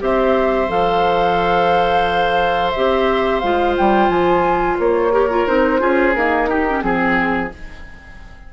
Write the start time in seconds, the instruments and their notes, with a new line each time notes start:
0.00 bassoon C4, clarinet G4, oboe C5, flute E5
0.69 bassoon F3, clarinet A4, flute F5
2.72 bassoon C4, clarinet G4, flute E5
3.40 bassoon G#3, clarinet F4, flute F5
3.78 bassoon G3, flute G5
4.09 bassoon F3, flute G#5
4.79 bassoon A#3, flute C#5
5.12 clarinet G4, oboe A#4
5.30 clarinet F4
5.48 bassoon C4, clarinet D#4, flute C5
5.79 bassoon C#4, clarinet F4, oboe G#4
6.14 clarinet A#3, bassoon D#4, flute A#4
6.49 clarinet D#4, oboe G4
6.70 clarinet C#4
6.81 bassoon F3, clarinet C4, flute G#4, oboe G#4